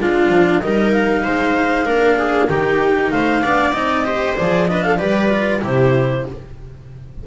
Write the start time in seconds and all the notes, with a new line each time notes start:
0.00 G#3 D4 F4 F5
0.29 F3
0.61 G3 D#4 A#4 D#5
0.92 F5
1.23 G#3 C5
1.86 A#3 D4 A#4
2.18 G#4
2.49 D#3 D#4 G4 G5
3.11 A3 C5 F5
3.42 B3 D4 D5
3.73 C4 D#4 D#5
4.05 G4 C5
4.36 F3 G#4 D5
4.67 D4 B4 D#5
4.83 A4 F5
4.97 G3 G4 B4 D5
5.29 F4
5.62 C3 E4 G4 C5